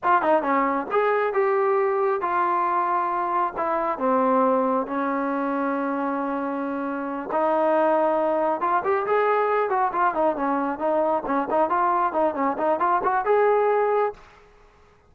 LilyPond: \new Staff \with { instrumentName = "trombone" } { \time 4/4 \tempo 4 = 136 f'8 dis'8 cis'4 gis'4 g'4~ | g'4 f'2. | e'4 c'2 cis'4~ | cis'1~ |
cis'8 dis'2. f'8 | g'8 gis'4. fis'8 f'8 dis'8 cis'8~ | cis'8 dis'4 cis'8 dis'8 f'4 dis'8 | cis'8 dis'8 f'8 fis'8 gis'2 | }